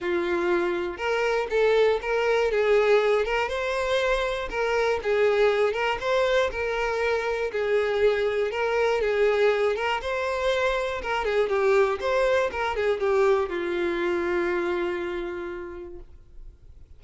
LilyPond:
\new Staff \with { instrumentName = "violin" } { \time 4/4 \tempo 4 = 120 f'2 ais'4 a'4 | ais'4 gis'4. ais'8 c''4~ | c''4 ais'4 gis'4. ais'8 | c''4 ais'2 gis'4~ |
gis'4 ais'4 gis'4. ais'8 | c''2 ais'8 gis'8 g'4 | c''4 ais'8 gis'8 g'4 f'4~ | f'1 | }